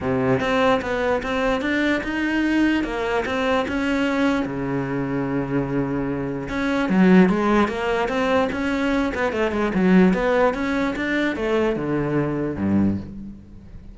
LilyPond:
\new Staff \with { instrumentName = "cello" } { \time 4/4 \tempo 4 = 148 c4 c'4 b4 c'4 | d'4 dis'2 ais4 | c'4 cis'2 cis4~ | cis1 |
cis'4 fis4 gis4 ais4 | c'4 cis'4. b8 a8 gis8 | fis4 b4 cis'4 d'4 | a4 d2 g,4 | }